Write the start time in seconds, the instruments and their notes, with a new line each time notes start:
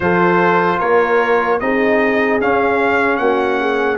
0.00 tuba F3, trombone F4, horn A4, trumpet C5
0.79 tuba A#3, horn A#4, trumpet C#5
1.60 tuba C4, trombone D#4, horn G#4, trumpet D#5
2.41 tuba C#4, trombone C#4, trumpet F5
3.17 tuba A#3, horn F#4, trumpet F#5
3.60 horn G#4